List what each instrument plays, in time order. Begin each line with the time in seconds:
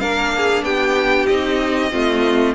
0.00 cello A#3, viola D4, violin A#4 F5
0.37 violin G#4
0.63 cello B3, violin G4 G5
1.27 cello C4, viola D#4, violin D#5
1.91 cello A3, viola C4, violin F4